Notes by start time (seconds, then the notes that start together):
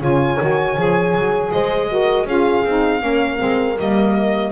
0.00 C#3 F4 C#5 G#5
0.40 D#3 F#4
0.77 F3 G#4
1.15 F#3
1.51 G#3 C5 D#5
1.88 F#4 A#4
2.25 C#4 F4 G#4 F5
2.65 C4 D#4
3.00 A#3 C#4 A#4
3.37 G#3 C4
3.78 G3 A#3 D#5